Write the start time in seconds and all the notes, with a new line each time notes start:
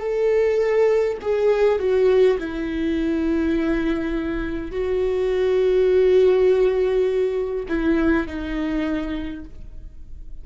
0.00 A4
1.21 G#4
1.79 F#4
2.39 E4
4.72 F#4
7.69 E4
8.27 D#4